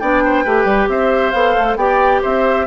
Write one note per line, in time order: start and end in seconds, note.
0.00 0.45 B3
0.00 0.46 D4
0.00 0.24 D5
0.00 0.89 G5
0.25 0.45 C5
0.45 0.65 A3
0.45 1.34 G4
0.45 0.89 B4
0.65 0.87 G3
0.89 1.33 C4
0.89 1.78 C5
0.89 1.31 E5
1.31 1.56 B3
1.31 1.79 A4
1.31 1.76 F5
1.58 1.77 A3
1.77 2.21 B3
1.77 2.67 G4
1.77 2.22 D5
1.77 2.22 G5
2.22 2.67 C4
2.22 2.67 C5
2.22 2.67 E5